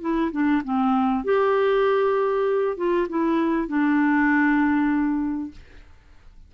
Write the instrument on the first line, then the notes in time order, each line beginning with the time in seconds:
clarinet
0.00 E4
0.31 D4
0.64 C4
1.24 G4
2.77 F4
3.08 E4
3.67 D4